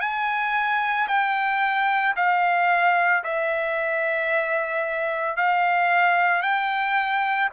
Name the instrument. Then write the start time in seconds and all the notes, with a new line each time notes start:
trumpet
0.00 G#5
1.08 G5
2.16 F5
3.23 E5
5.36 F5
6.42 G5